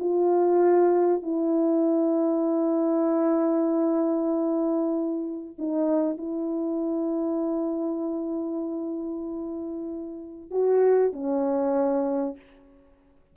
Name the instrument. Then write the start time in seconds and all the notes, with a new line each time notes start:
horn
0.00 F4
1.23 E4
5.59 D#4
6.18 E4
10.51 F#4
11.13 C#4